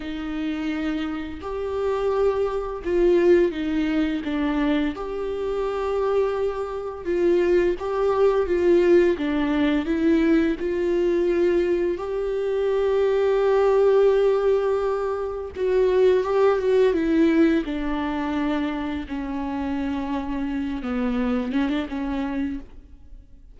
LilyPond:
\new Staff \with { instrumentName = "viola" } { \time 4/4 \tempo 4 = 85 dis'2 g'2 | f'4 dis'4 d'4 g'4~ | g'2 f'4 g'4 | f'4 d'4 e'4 f'4~ |
f'4 g'2.~ | g'2 fis'4 g'8 fis'8 | e'4 d'2 cis'4~ | cis'4. b4 cis'16 d'16 cis'4 | }